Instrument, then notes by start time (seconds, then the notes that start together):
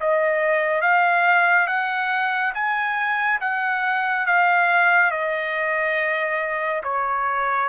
trumpet
0.00 D#5
0.81 F5
1.67 F#5
2.54 G#5
3.41 F#5
4.26 F5
5.11 D#5
6.83 C#5